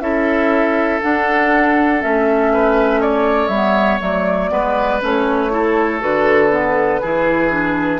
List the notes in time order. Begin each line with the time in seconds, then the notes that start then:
0.00 C#4 E4 A4 E5
1.02 D4 F#5
2.01 A3 C#4 E5
2.53 B4
3.01 C#5 D5
3.48 G3 B3 E5
4.01 F#3 A3 D5
4.50 G#3 B3 B4
5.01 A3 C#4 C#5
5.51 E4 A4
6.00 D3 F#4 B4
6.51 B3
7.01 E3 E4 G#4
7.50 D4